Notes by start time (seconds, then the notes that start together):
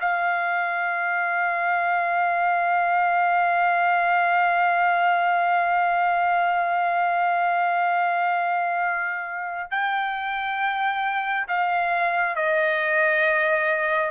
0.00 F5
9.71 G5
11.48 F5
12.35 D#5